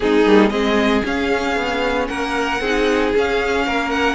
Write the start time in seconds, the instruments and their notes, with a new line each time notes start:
0.00 cello G#3, viola C4, violin D#4 G#4
0.26 cello G3, viola A#3
0.49 cello G#3, viola C4, violin G#4 D#5
1.04 viola C#4, cello C#4, violin F5
1.56 cello B3
2.07 cello A#3, violin A#4 F#5
2.60 cello C4, viola D#4, violin G#4
3.14 viola C#4, cello C#4, violin F5
3.66 cello A#3, violin A#4
3.90 violin F#5